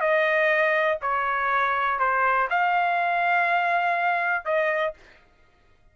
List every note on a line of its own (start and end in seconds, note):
0.00 0.98 D#5
1.02 1.99 C#5
1.99 2.48 C5
2.50 4.45 F5
4.45 4.94 D#5